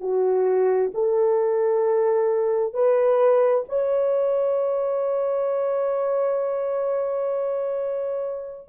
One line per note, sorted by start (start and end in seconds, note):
0.00 0.91 F#4
0.93 2.73 A4
2.73 3.64 B4
3.69 8.68 C#5